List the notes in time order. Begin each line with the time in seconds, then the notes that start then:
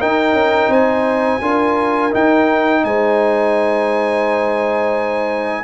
0.00 D#4 A#4 G5
0.33 C#4
0.69 C4 C5 G#5
1.42 D4 F4 A#4
2.11 D#4 G5
2.85 G#3 C5 G#5